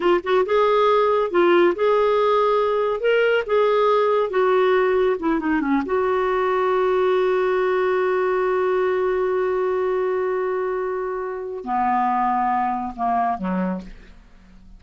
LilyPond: \new Staff \with { instrumentName = "clarinet" } { \time 4/4 \tempo 4 = 139 f'8 fis'8 gis'2 f'4 | gis'2. ais'4 | gis'2 fis'2 | e'8 dis'8 cis'8 fis'2~ fis'8~ |
fis'1~ | fis'1~ | fis'2. b4~ | b2 ais4 fis4 | }